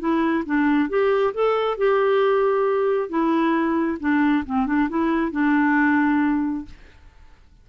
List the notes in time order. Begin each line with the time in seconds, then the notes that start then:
0.00 E4
0.46 D4
0.89 G4
1.34 A4
1.78 G4
3.09 E4
4.00 D4
4.46 C4
4.67 D4
4.89 E4
5.32 D4